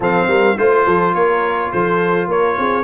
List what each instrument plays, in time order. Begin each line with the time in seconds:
0.00 tuba F3, trombone C4, horn A4, trumpet F5
0.27 tuba G3, horn A#4
0.57 tuba A3, trombone F4, trumpet C5, horn C5
0.86 tuba F3, horn A4
1.13 tuba A#3, horn A#4, trumpet C#5
1.72 tuba F3, horn A4, trumpet C5
2.27 tuba A#3, horn A#4, trumpet C#5
2.58 tuba C4, horn G#4